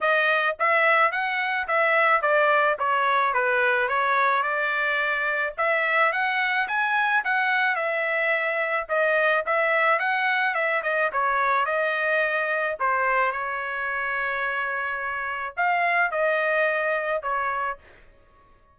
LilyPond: \new Staff \with { instrumentName = "trumpet" } { \time 4/4 \tempo 4 = 108 dis''4 e''4 fis''4 e''4 | d''4 cis''4 b'4 cis''4 | d''2 e''4 fis''4 | gis''4 fis''4 e''2 |
dis''4 e''4 fis''4 e''8 dis''8 | cis''4 dis''2 c''4 | cis''1 | f''4 dis''2 cis''4 | }